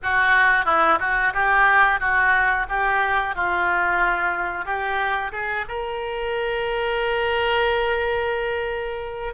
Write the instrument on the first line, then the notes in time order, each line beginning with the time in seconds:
oboe
0.02 F#4
0.65 E4
0.99 F#4
1.33 G4
1.99 F#4
2.68 G4
3.35 F4
4.65 G4
5.32 G#4
5.68 A#4